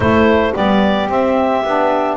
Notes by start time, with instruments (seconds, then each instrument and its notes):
0.00 double bass A3, saxophone A3 E4, clarinet C5
0.52 double bass G3, saxophone B3 G4, clarinet D5
1.08 saxophone C4, double bass C4, clarinet E5
1.64 double bass B3, saxophone D4